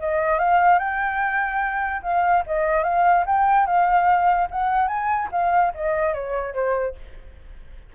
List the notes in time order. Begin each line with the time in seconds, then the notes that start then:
0.00 D#5
0.39 F5
0.79 G5
2.03 F5
2.47 D#5
2.84 F5
3.26 G5
3.67 F5
4.51 F#5
4.88 G#5
5.32 F5
5.75 D#5
6.14 C#5
6.55 C5